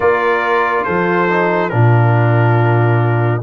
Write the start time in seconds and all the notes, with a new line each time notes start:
0.00 A#3 F4 A#4 D5
0.84 F3 A4 C5
1.29 D#4
1.69 A#2 D4 F4 A#4